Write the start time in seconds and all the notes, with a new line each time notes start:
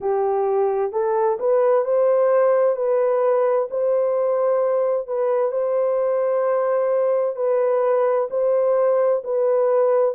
0.00 G4
0.91 A4
1.39 B4
1.84 C5
2.76 B4
3.70 C5
5.07 B4
5.51 C5
7.36 B4
8.30 C5
9.23 B4